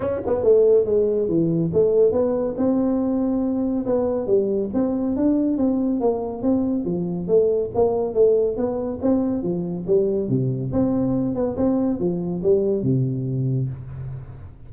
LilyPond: \new Staff \with { instrumentName = "tuba" } { \time 4/4 \tempo 4 = 140 cis'8 b8 a4 gis4 e4 | a4 b4 c'2~ | c'4 b4 g4 c'4 | d'4 c'4 ais4 c'4 |
f4 a4 ais4 a4 | b4 c'4 f4 g4 | c4 c'4. b8 c'4 | f4 g4 c2 | }